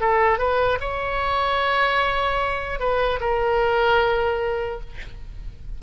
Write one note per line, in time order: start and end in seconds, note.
0.00 0.38 A4
0.38 0.78 B4
0.80 2.79 C#5
2.79 3.19 B4
3.20 4.80 A#4